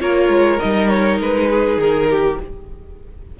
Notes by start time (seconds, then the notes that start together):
0.00 A#3 F4 A#4 C#5
0.29 G#3
0.59 G3 D#4 D#5
0.89 C#5
1.19 G#3 B4
1.49 G#4
1.77 D#3 A#4
2.10 G4